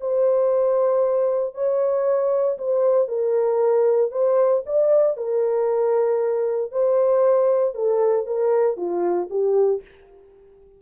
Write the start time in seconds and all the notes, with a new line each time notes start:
0.00 C5
1.54 C#5
2.58 C5
3.08 A#4
4.11 C5
4.66 D5
5.17 A#4
6.71 C5
7.74 A4
8.26 A#4
8.76 F4
9.30 G4